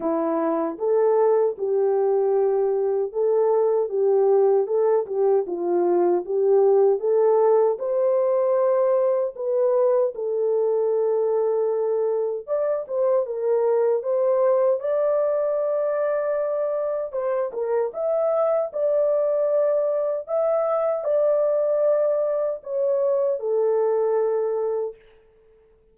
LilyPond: \new Staff \with { instrumentName = "horn" } { \time 4/4 \tempo 4 = 77 e'4 a'4 g'2 | a'4 g'4 a'8 g'8 f'4 | g'4 a'4 c''2 | b'4 a'2. |
d''8 c''8 ais'4 c''4 d''4~ | d''2 c''8 ais'8 e''4 | d''2 e''4 d''4~ | d''4 cis''4 a'2 | }